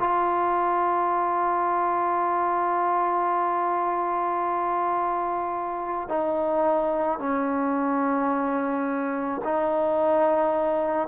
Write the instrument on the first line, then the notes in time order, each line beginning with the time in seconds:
trombone
0.00 F4
6.09 D#4
7.20 C#4
9.44 D#4